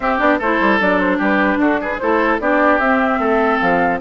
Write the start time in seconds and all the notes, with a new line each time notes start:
0.00 C4 G4 E5
0.18 B3 D4 D5
0.39 A3 E4 A4 C5
0.60 G3
0.80 F#3 D4 D5
0.99 C5
1.17 G3 G4 B4
1.57 D4 F#4 A4
1.80 G#4 B4
1.98 A3 E4 A4 C5
2.39 B3 D4 G4 D5
2.79 C4 E5
3.19 A3 A4
3.59 F3 F5